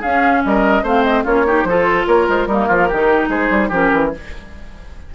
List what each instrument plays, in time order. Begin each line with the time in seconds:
0.00 bassoon C#4, clarinet C#4, oboe G#4, flute F5
0.45 bassoon G3, oboe A#4, flute D#5
0.83 bassoon A3, clarinet C4, oboe C5, flute F5
1.03 flute D#5
1.24 bassoon A#3, clarinet C#4, oboe F4, flute C#5
1.46 clarinet D#4, oboe G4
1.63 bassoon F3, clarinet F4, oboe A4, flute C5
2.07 bassoon A#3, oboe A#4, flute C#5
2.29 bassoon G#3, flute C5
2.46 bassoon G3, clarinet A#3, oboe D#4, flute A#4
2.67 bassoon F3, oboe F4
2.88 bassoon D#3, clarinet D#4, oboe G4
3.28 bassoon G#3, oboe G#4, flute C5
3.50 bassoon G3
3.68 bassoon F3, clarinet C#4, oboe G4, flute A#4
3.93 bassoon E3